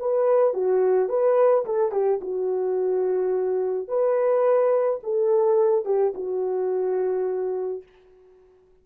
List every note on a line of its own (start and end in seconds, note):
0.00 0.54 B4
0.54 1.09 F#4
1.09 1.65 B4
1.65 1.92 A4
1.92 2.20 G4
2.21 3.88 F#4
3.88 5.00 B4
5.03 5.85 A4
5.85 6.14 G4
6.15 7.83 F#4